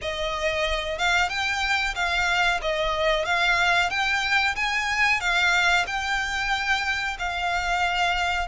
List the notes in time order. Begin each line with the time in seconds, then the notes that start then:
0.01 D#5
0.98 F5
1.29 G5
1.95 F5
2.61 D#5
3.25 F5
3.90 G5
4.55 G#5
5.20 F5
5.86 G5
7.18 F5